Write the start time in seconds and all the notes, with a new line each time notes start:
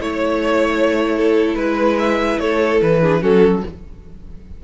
0.00 A3 E4 C#5
1.17 A4
1.55 G#3 B4
1.99 E5
2.39 A3 A4 C#5
2.82 E3 B4
3.01 D4 G#4
3.21 F#3 C#4 F#4 A4